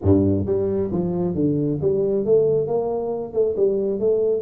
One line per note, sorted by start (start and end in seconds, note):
0.02 0.45 G2
0.45 0.90 G3
0.91 1.34 F3
1.34 1.79 D3
1.81 2.25 G3
2.25 2.67 A3
2.67 3.33 A#3
3.33 3.55 A3
3.56 3.99 G3
3.99 4.41 A3